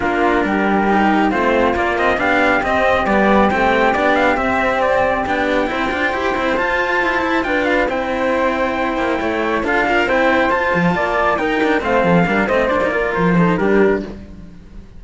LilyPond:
<<
  \new Staff \with { instrumentName = "trumpet" } { \time 4/4 \tempo 4 = 137 ais'2. c''4 | d''8 dis''8 f''4 dis''4 d''4 | g''4 d''8 f''8 e''4 d''4 | g''2. a''4~ |
a''4 g''8 f''8 g''2~ | g''2 f''4 g''4 | a''2 g''4 f''4~ | f''8 dis''8 d''4 c''4 ais'4 | }
  \new Staff \with { instrumentName = "flute" } { \time 4/4 f'4 g'2 f'4~ | f'4 g'2.~ | g'1~ | g'4 c''2.~ |
c''4 b'4 c''2~ | c''4 cis''4 a'8 f'8 c''4~ | c''4 d''4 ais'4 c''8 a'8 | ais'8 c''4 ais'4 a'8 g'4 | }
  \new Staff \with { instrumentName = "cello" } { \time 4/4 d'2 dis'4 c'4 | ais8 c'8 d'4 c'4 b4 | c'4 d'4 c'2 | d'4 e'8 f'8 g'8 e'8 f'4~ |
f'8 e'8 f'4 e'2~ | e'2 f'8 ais'8 e'4 | f'2 dis'8 d'8 c'4 | d'8 c'8 d'16 dis'16 f'4 dis'8 d'4 | }
  \new Staff \with { instrumentName = "cello" } { \time 4/4 ais4 g2 a4 | ais4 b4 c'4 g4 | a4 b4 c'2 | b4 c'8 d'8 e'8 c'8 f'4 |
e'4 d'4 c'2~ | c'8 ais8 a4 d'4 c'4 | f'8 f8 ais4 dis'4 a8 f8 | g8 a8 ais4 f4 g4 | }
>>